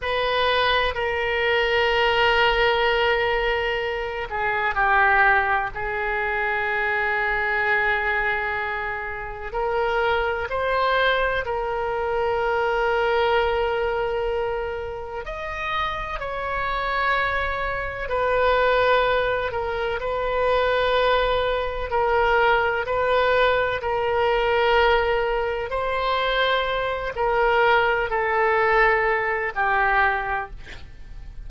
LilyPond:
\new Staff \with { instrumentName = "oboe" } { \time 4/4 \tempo 4 = 63 b'4 ais'2.~ | ais'8 gis'8 g'4 gis'2~ | gis'2 ais'4 c''4 | ais'1 |
dis''4 cis''2 b'4~ | b'8 ais'8 b'2 ais'4 | b'4 ais'2 c''4~ | c''8 ais'4 a'4. g'4 | }